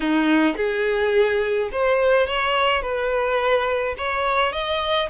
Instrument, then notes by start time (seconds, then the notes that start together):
violin
0.00 D#4
0.56 G#4
1.71 C5
2.26 C#5
2.82 B4
3.97 C#5
4.52 D#5